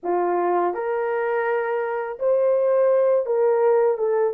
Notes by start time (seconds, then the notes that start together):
0.03 F4
0.74 A#4
2.19 C5
3.26 A#4
3.97 A4